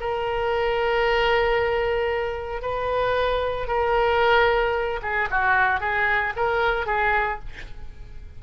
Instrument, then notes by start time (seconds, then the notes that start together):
oboe
0.00 A#4
2.62 B4
3.67 A#4
5.02 G#4
5.31 F#4
5.80 G#4
6.36 A#4
6.86 G#4